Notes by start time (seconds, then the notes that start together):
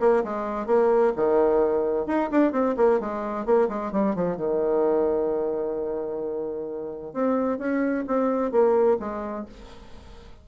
0.00 A#3
0.24 G#3
0.67 A#3
1.16 D#3
2.06 D#4
2.31 D4
2.52 C4
2.77 A#3
3.00 G#3
3.46 A#3
3.69 G#3
3.92 G3
4.15 F3
4.37 D#3
7.13 C4
7.58 C#4
8.07 C4
8.52 A#3
9.00 G#3